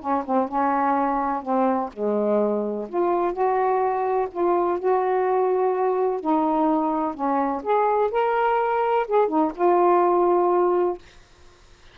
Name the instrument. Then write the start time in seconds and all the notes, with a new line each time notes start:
saxophone
0.00 C#4
0.26 C4
0.48 C#4
1.42 C4
1.93 G#3
2.89 F4
3.33 F#4
4.32 F4
4.79 F#4
6.20 D#4
7.15 C#4
7.63 G#4
8.11 A#4
9.08 G#4
9.28 D#4
9.55 F4